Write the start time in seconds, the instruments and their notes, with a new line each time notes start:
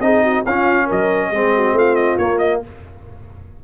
0.00 tuba C4, trombone D#4, horn G#4, trumpet D#5
0.23 horn F#4
0.46 tuba C#4, trombone C#4, horn F4, trumpet F5
0.86 tuba F#3, horn A#4, trumpet D#5
1.31 tuba G#3, trombone C4, horn G#4
1.56 horn F#4
1.73 tuba A3, horn F4, trumpet F5
1.96 trumpet D#5
2.18 tuba A#3, trombone A#3, trumpet C#5
2.38 trumpet D#5